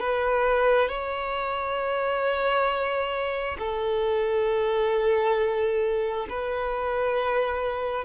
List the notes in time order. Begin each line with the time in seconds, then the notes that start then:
0.00 B4
0.89 C#5
3.59 A4
6.30 B4